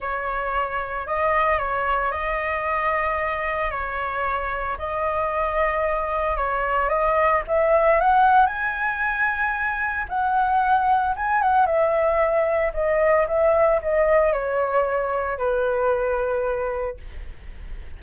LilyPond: \new Staff \with { instrumentName = "flute" } { \time 4/4 \tempo 4 = 113 cis''2 dis''4 cis''4 | dis''2. cis''4~ | cis''4 dis''2. | cis''4 dis''4 e''4 fis''4 |
gis''2. fis''4~ | fis''4 gis''8 fis''8 e''2 | dis''4 e''4 dis''4 cis''4~ | cis''4 b'2. | }